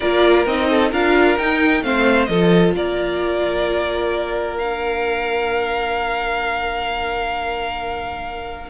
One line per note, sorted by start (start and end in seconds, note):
0.00 0.46 A#3
0.00 0.46 F4
0.00 0.69 A#4
0.00 0.45 D5
0.46 0.91 C4
0.46 0.92 D#4
0.46 0.92 D#5
0.69 0.91 A4
0.91 1.37 D4
0.91 1.38 F4
0.91 1.82 A#4
0.91 1.38 F5
1.38 1.82 D#4
1.38 1.83 G5
1.82 2.28 A3
1.82 2.28 C4
1.82 2.29 C5
1.82 2.25 F5
2.25 2.73 F3
2.25 4.58 F4
2.25 2.75 A4
2.25 2.71 D#5
2.73 8.69 A#3
2.73 8.70 A#4
2.73 4.57 D5
4.57 8.70 D4
4.57 8.69 F5